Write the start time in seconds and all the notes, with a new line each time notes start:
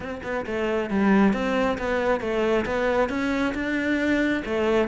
0.00 C4
0.23 B3
0.45 A3
0.89 G3
1.33 C4
1.78 B3
2.20 A3
2.65 B3
3.09 C#4
3.54 D4
4.45 A3